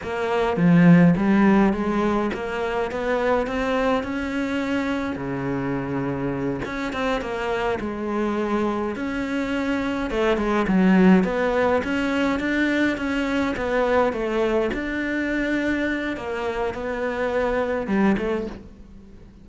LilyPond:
\new Staff \with { instrumentName = "cello" } { \time 4/4 \tempo 4 = 104 ais4 f4 g4 gis4 | ais4 b4 c'4 cis'4~ | cis'4 cis2~ cis8 cis'8 | c'8 ais4 gis2 cis'8~ |
cis'4. a8 gis8 fis4 b8~ | b8 cis'4 d'4 cis'4 b8~ | b8 a4 d'2~ d'8 | ais4 b2 g8 a8 | }